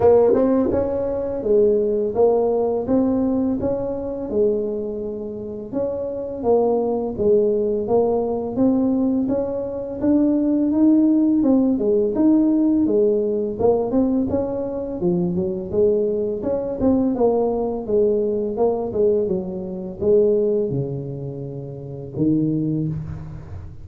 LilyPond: \new Staff \with { instrumentName = "tuba" } { \time 4/4 \tempo 4 = 84 ais8 c'8 cis'4 gis4 ais4 | c'4 cis'4 gis2 | cis'4 ais4 gis4 ais4 | c'4 cis'4 d'4 dis'4 |
c'8 gis8 dis'4 gis4 ais8 c'8 | cis'4 f8 fis8 gis4 cis'8 c'8 | ais4 gis4 ais8 gis8 fis4 | gis4 cis2 dis4 | }